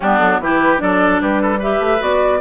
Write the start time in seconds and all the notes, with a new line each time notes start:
0.00 G3 B3 D4 G4
0.18 F#3 A4
0.39 E3 E4 G4 B4
0.77 F#3 D4 A4 D5
1.21 G3 G4 B4
1.42 A4
1.58 G4 B4 E5
1.79 A3
1.99 B3 F#4 D5